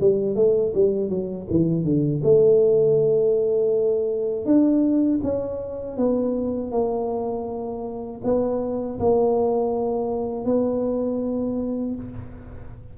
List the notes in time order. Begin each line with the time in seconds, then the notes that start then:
0.00 G3
0.35 A3
0.74 G3
1.09 F#3
1.50 E3
1.84 D3
2.23 A3
4.45 D4
5.23 C#4
5.97 B3
6.71 A#3
8.24 B3
8.99 A#3
10.45 B3